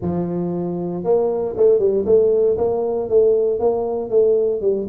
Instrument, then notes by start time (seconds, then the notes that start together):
tuba
0.01 F3
1.04 A#3
1.56 A3
1.79 G3
2.05 A3
2.57 A#3
3.09 A3
3.59 A#3
4.09 A3
4.61 G3